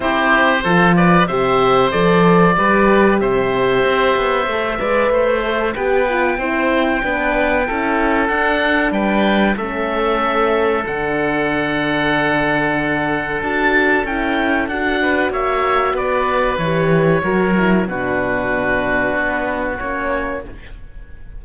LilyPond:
<<
  \new Staff \with { instrumentName = "oboe" } { \time 4/4 \tempo 4 = 94 c''4. d''8 e''4 d''4~ | d''4 e''2.~ | e''4 g''2.~ | g''4 fis''4 g''4 e''4~ |
e''4 fis''2.~ | fis''4 a''4 g''4 fis''4 | e''4 d''4 cis''2 | b'2. cis''4 | }
  \new Staff \with { instrumentName = "oboe" } { \time 4/4 g'4 a'8 b'8 c''2 | b'4 c''2~ c''8 d''8 | c''4 b'4 c''4 b'4 | a'2 b'4 a'4~ |
a'1~ | a'2.~ a'8 b'8 | cis''4 b'2 ais'4 | fis'1 | }
  \new Staff \with { instrumentName = "horn" } { \time 4/4 e'4 f'4 g'4 a'4 | g'2. a'8 b'8~ | b'8 a'8 g'8 f'8 e'4 d'4 | e'4 d'2 cis'4~ |
cis'4 d'2.~ | d'4 fis'4 e'4 fis'4~ | fis'2 g'4 fis'8 e'8 | d'2. cis'4 | }
  \new Staff \with { instrumentName = "cello" } { \time 4/4 c'4 f4 c4 f4 | g4 c4 c'8 b8 a8 gis8 | a4 b4 c'4 b4 | cis'4 d'4 g4 a4~ |
a4 d2.~ | d4 d'4 cis'4 d'4 | ais4 b4 e4 fis4 | b,2 b4 ais4 | }
>>